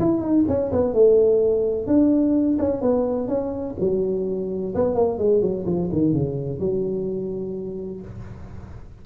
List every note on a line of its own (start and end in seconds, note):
0.00 0.21 E4
0.21 0.45 D#4
0.48 0.72 C#4
0.73 0.94 B3
0.94 1.87 A3
1.87 2.58 D4
2.59 2.82 C#4
2.82 3.28 B3
3.28 3.76 C#4
3.80 4.75 F#3
4.75 4.95 B3
4.95 5.19 A#3
5.19 5.42 G#3
5.42 5.66 F#3
5.67 5.90 F3
5.93 6.13 D#3
6.13 6.60 C#3
6.60 8.01 F#3